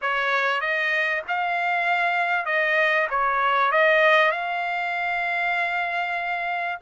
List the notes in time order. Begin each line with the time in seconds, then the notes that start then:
0.01 C#5
0.60 D#5
1.28 F5
2.45 D#5
3.09 C#5
3.71 D#5
4.31 F5